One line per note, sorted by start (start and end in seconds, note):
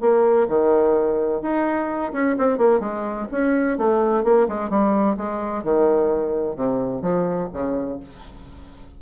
0.00 0.47 A#3
0.48 1.41 D#3
1.41 2.12 D#4
2.12 2.35 C#4
2.38 2.57 C4
2.57 2.80 A#3
2.80 3.26 G#3
3.31 3.77 C#4
3.77 4.24 A3
4.24 4.47 A#3
4.48 4.69 G#3
4.69 5.16 G3
5.17 5.63 G#3
5.63 6.55 D#3
6.55 7.02 C3
7.02 7.49 F3
7.53 7.99 C#3